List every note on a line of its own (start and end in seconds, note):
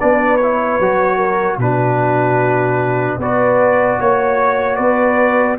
0.00 0.79 B3
0.00 0.40 D4
0.00 1.17 B4
0.00 0.37 D5
0.37 1.57 C#5
0.43 0.82 E4
0.79 1.57 F#3
0.79 1.61 F#4
1.17 1.57 A#4
1.57 3.17 B2
1.57 3.21 D4
1.57 3.20 F#4
1.57 3.21 B4
3.18 3.98 B3
3.18 5.59 F#4
3.18 4.00 B4
3.18 4.00 D5
4.00 4.79 A#3
4.00 4.77 C#5
4.00 4.76 C#5
4.76 5.59 B3
4.76 5.57 B4
4.76 5.56 D5